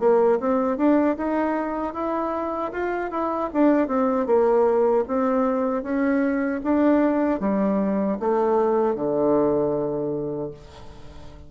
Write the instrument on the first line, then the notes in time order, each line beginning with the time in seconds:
bassoon
0.00 A#3
0.40 C4
0.77 D4
1.17 D#4
1.94 E4
2.72 F4
3.11 E4
3.53 D4
3.87 C4
4.26 A#3
5.08 C4
5.83 C#4
6.64 D4
7.40 G3
8.20 A3
8.95 D3